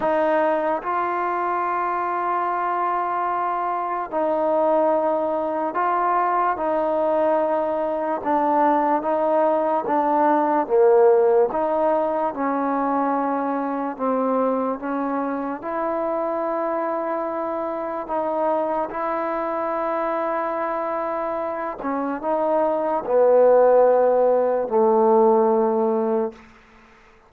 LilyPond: \new Staff \with { instrumentName = "trombone" } { \time 4/4 \tempo 4 = 73 dis'4 f'2.~ | f'4 dis'2 f'4 | dis'2 d'4 dis'4 | d'4 ais4 dis'4 cis'4~ |
cis'4 c'4 cis'4 e'4~ | e'2 dis'4 e'4~ | e'2~ e'8 cis'8 dis'4 | b2 a2 | }